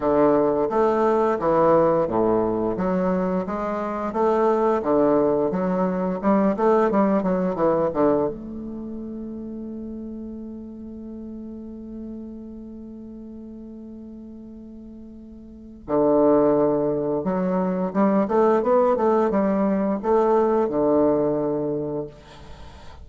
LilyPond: \new Staff \with { instrumentName = "bassoon" } { \time 4/4 \tempo 4 = 87 d4 a4 e4 a,4 | fis4 gis4 a4 d4 | fis4 g8 a8 g8 fis8 e8 d8 | a1~ |
a1~ | a2. d4~ | d4 fis4 g8 a8 b8 a8 | g4 a4 d2 | }